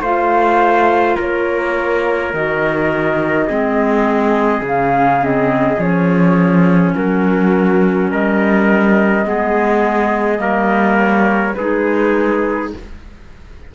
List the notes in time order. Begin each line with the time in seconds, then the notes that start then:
0.00 A3 F4 C5 F5
1.15 A#3 A#4 C#5
2.33 D#3 F#4 D#5
3.47 G#3 C4 G#4
4.61 C#3 C#4 F5
5.20 C4 D#5
5.78 F3 C#4 C#5
6.95 F#3 F#4 A#4
8.10 G3 A#4 D#5
9.23 G#3 B3 G#4
10.37 G3 A#3 A#4
10.98 C#5
11.54 G#3 D#4 G#4 B4